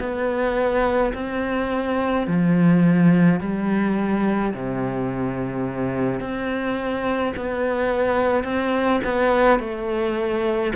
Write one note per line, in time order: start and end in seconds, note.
0.00 1.13 B3
1.14 2.27 C4
2.27 3.41 F3
3.41 4.54 G3
4.54 6.21 C3
6.21 7.34 C4
7.37 8.44 B3
8.44 9.01 C4
9.05 9.60 B3
9.60 10.73 A3